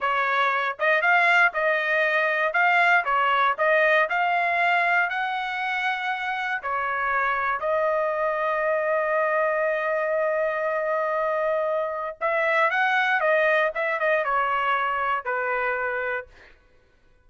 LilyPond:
\new Staff \with { instrumentName = "trumpet" } { \time 4/4 \tempo 4 = 118 cis''4. dis''8 f''4 dis''4~ | dis''4 f''4 cis''4 dis''4 | f''2 fis''2~ | fis''4 cis''2 dis''4~ |
dis''1~ | dis''1 | e''4 fis''4 dis''4 e''8 dis''8 | cis''2 b'2 | }